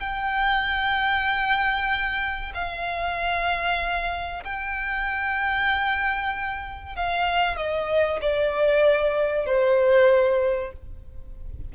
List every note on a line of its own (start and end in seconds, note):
0.00 2.53 G5
2.54 4.44 F5
4.44 6.96 G5
6.96 7.57 F5
7.57 8.20 D#5
8.22 9.46 D5
9.46 10.72 C5